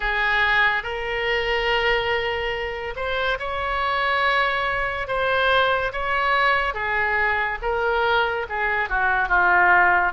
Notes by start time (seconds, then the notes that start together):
0.00 G#4
0.83 A#4
2.95 C5
3.39 C#5
5.07 C5
5.92 C#5
6.74 G#4
7.61 A#4
8.49 G#4
8.89 F#4
9.28 F4